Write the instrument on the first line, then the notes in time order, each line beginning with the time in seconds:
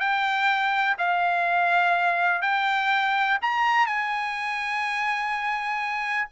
trumpet
0.00 G5
0.98 F5
2.42 G5
3.42 A#5
3.87 G#5